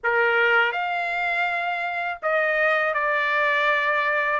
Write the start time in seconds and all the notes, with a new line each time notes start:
0.03 A#4
0.72 F5
2.22 D#5
2.94 D5